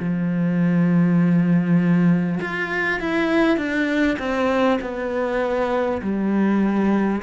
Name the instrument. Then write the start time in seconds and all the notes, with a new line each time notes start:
cello
0.00 F3
2.41 F4
3.01 E4
3.57 D4
4.19 C4
4.81 B3
6.02 G3